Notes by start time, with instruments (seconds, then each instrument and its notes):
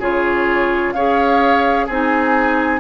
0.00 bassoon C#3, clarinet F4, oboe G#4, flute C#5
0.93 bassoon C#4, clarinet G#4, oboe C#5, flute F5
1.87 bassoon C4, clarinet D#4, oboe G#4, flute G#5